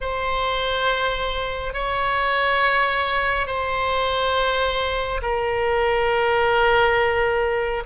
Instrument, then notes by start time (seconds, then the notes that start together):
oboe
0.00 C5
1.73 C#5
3.47 C5
5.22 A#4